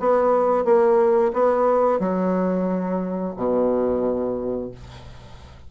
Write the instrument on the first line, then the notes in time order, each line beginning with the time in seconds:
bassoon
0.00 B3
0.65 A#3
1.34 B3
2.00 F#3
3.37 B2